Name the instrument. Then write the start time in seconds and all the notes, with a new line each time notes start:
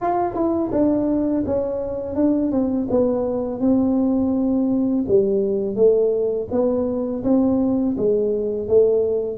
tuba
0.01 F4
0.34 E4
0.71 D4
1.46 C#4
2.15 D4
2.51 C4
2.90 B3
3.60 C4
5.08 G3
5.75 A3
6.51 B3
7.23 C4
7.97 G#3
8.68 A3